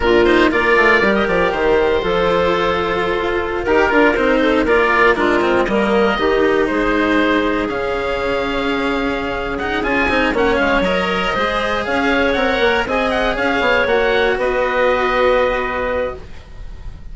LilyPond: <<
  \new Staff \with { instrumentName = "oboe" } { \time 4/4 \tempo 4 = 119 ais'8 c''8 d''4~ d''16 dis''16 d''8 c''4~ | c''2.~ c''16 ais'8.~ | ais'16 c''4 d''4 ais'4 dis''8.~ | dis''4~ dis''16 c''2 f''8.~ |
f''2. fis''8 gis''8~ | gis''8 fis''8 f''8 dis''2 f''8~ | f''8 fis''4 gis''8 fis''8 f''4 fis''8~ | fis''8 dis''2.~ dis''8 | }
  \new Staff \with { instrumentName = "clarinet" } { \time 4/4 f'4 ais'2. | a'2.~ a'16 ais'8.~ | ais'8. a'8 ais'4 f'4 ais'8.~ | ais'16 g'4 gis'2~ gis'8.~ |
gis'1~ | gis'8 cis''2 c''4 cis''8~ | cis''4. dis''4 cis''4.~ | cis''8 b'2.~ b'8 | }
  \new Staff \with { instrumentName = "cello" } { \time 4/4 d'8 dis'8 f'4 g'2 | f'2.~ f'16 g'8 f'16~ | f'16 dis'4 f'4 d'8 c'8 ais8.~ | ais16 dis'2. cis'8.~ |
cis'2. dis'8 f'8 | dis'8 cis'4 ais'4 gis'4.~ | gis'8 ais'4 gis'2 fis'8~ | fis'1 | }
  \new Staff \with { instrumentName = "bassoon" } { \time 4/4 ais,4 ais8 a8 g8 f8 dis4 | f2~ f16 f'4 dis'8 d'16~ | d'16 c'4 ais4 gis4 g8.~ | g16 dis4 gis2 cis8.~ |
cis2.~ cis8 cis'8 | c'8 ais8 gis8 fis4 gis4 cis'8~ | cis'8 c'8 ais8 c'4 cis'8 b8 ais8~ | ais8 b2.~ b8 | }
>>